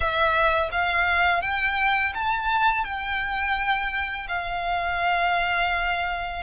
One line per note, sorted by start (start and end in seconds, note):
0.00 0.69 E5
0.71 1.41 F5
1.41 2.13 G5
2.14 2.84 A5
2.84 4.27 G5
4.28 6.42 F5